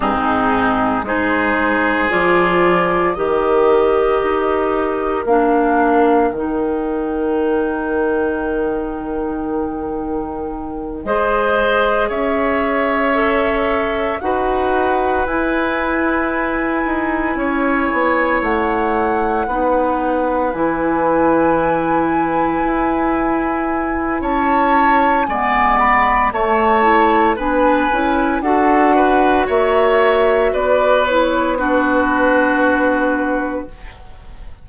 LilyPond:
<<
  \new Staff \with { instrumentName = "flute" } { \time 4/4 \tempo 4 = 57 gis'4 c''4 d''4 dis''4~ | dis''4 f''4 g''2~ | g''2~ g''8 dis''4 e''8~ | e''4. fis''4 gis''4.~ |
gis''4. fis''2 gis''8~ | gis''2. a''4 | gis''8 b''8 a''4 gis''4 fis''4 | e''4 d''8 cis''8 b'2 | }
  \new Staff \with { instrumentName = "oboe" } { \time 4/4 dis'4 gis'2 ais'4~ | ais'1~ | ais'2~ ais'8 c''4 cis''8~ | cis''4. b'2~ b'8~ |
b'8 cis''2 b'4.~ | b'2. cis''4 | d''4 cis''4 b'4 a'8 b'8 | cis''4 b'4 fis'2 | }
  \new Staff \with { instrumentName = "clarinet" } { \time 4/4 c'4 dis'4 f'4 g'4~ | g'4 d'4 dis'2~ | dis'2~ dis'8 gis'4.~ | gis'8 a'4 fis'4 e'4.~ |
e'2~ e'8 dis'4 e'8~ | e'1 | b4 a8 e'8 d'8 e'8 fis'4~ | fis'4. e'8 d'2 | }
  \new Staff \with { instrumentName = "bassoon" } { \time 4/4 gis,4 gis4 f4 dis4 | dis'4 ais4 dis2~ | dis2~ dis8 gis4 cis'8~ | cis'4. dis'4 e'4. |
dis'8 cis'8 b8 a4 b4 e8~ | e4. e'4. cis'4 | gis4 a4 b8 cis'8 d'4 | ais4 b2. | }
>>